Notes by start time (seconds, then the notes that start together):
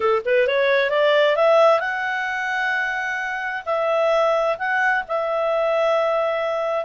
0.00 A4
0.25 B4
0.47 C#5
0.90 D5
1.36 E5
1.80 F#5
3.65 E5
4.58 F#5
5.08 E5